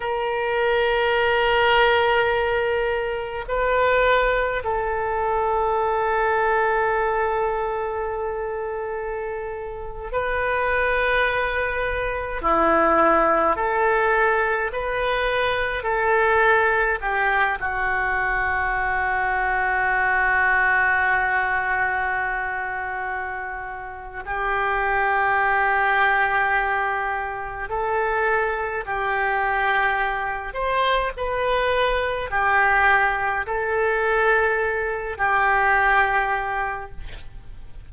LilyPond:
\new Staff \with { instrumentName = "oboe" } { \time 4/4 \tempo 4 = 52 ais'2. b'4 | a'1~ | a'8. b'2 e'4 a'16~ | a'8. b'4 a'4 g'8 fis'8.~ |
fis'1~ | fis'4 g'2. | a'4 g'4. c''8 b'4 | g'4 a'4. g'4. | }